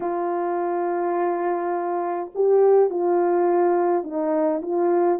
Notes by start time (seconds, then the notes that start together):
0.00 F4
2.34 G4
2.90 F4
4.03 D#4
4.62 F4